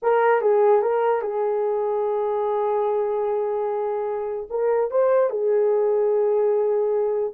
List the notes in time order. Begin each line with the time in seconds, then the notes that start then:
0.02 A#4
0.41 G#4
0.82 A#4
1.21 G#4
4.50 A#4
4.90 C5
5.30 G#4